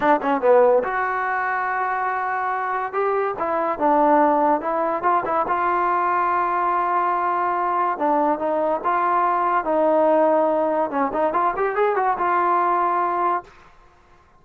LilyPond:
\new Staff \with { instrumentName = "trombone" } { \time 4/4 \tempo 4 = 143 d'8 cis'8 b4 fis'2~ | fis'2. g'4 | e'4 d'2 e'4 | f'8 e'8 f'2.~ |
f'2. d'4 | dis'4 f'2 dis'4~ | dis'2 cis'8 dis'8 f'8 g'8 | gis'8 fis'8 f'2. | }